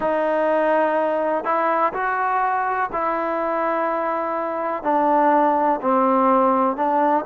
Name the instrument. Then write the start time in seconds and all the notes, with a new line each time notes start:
trombone
0.00 D#4
1.44 E4
1.93 F#4
2.92 E4
4.83 D4
5.81 C4
6.76 D4